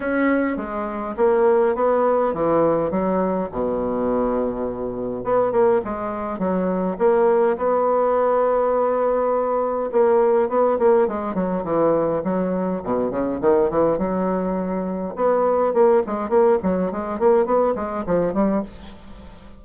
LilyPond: \new Staff \with { instrumentName = "bassoon" } { \time 4/4 \tempo 4 = 103 cis'4 gis4 ais4 b4 | e4 fis4 b,2~ | b,4 b8 ais8 gis4 fis4 | ais4 b2.~ |
b4 ais4 b8 ais8 gis8 fis8 | e4 fis4 b,8 cis8 dis8 e8 | fis2 b4 ais8 gis8 | ais8 fis8 gis8 ais8 b8 gis8 f8 g8 | }